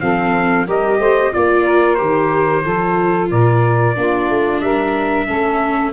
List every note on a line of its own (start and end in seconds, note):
0.00 0.67 F3
0.00 0.66 C4
0.00 0.66 A4
0.00 0.66 F5
0.66 0.99 G3
0.66 1.32 G4
0.66 0.98 A#4
0.66 1.33 D#5
0.99 1.32 A3
0.99 1.32 C5
1.32 2.01 A#3
1.32 1.97 F4
1.32 1.95 D5
1.32 1.64 D5
1.64 2.63 A#4
1.95 2.63 G4
1.95 3.26 C5
2.01 2.65 D#3
2.63 3.31 F3
2.63 3.96 F4
2.63 3.29 A4
3.30 3.97 A#2
3.30 3.96 A#4
3.30 4.61 D5
3.96 4.29 A#3
3.96 5.27 D4
3.96 4.63 F4
4.29 4.61 A3
4.61 5.27 G3
4.61 5.26 A#4
4.61 5.92 E5
5.26 5.93 A3
5.26 5.93 C#4
5.26 5.92 A4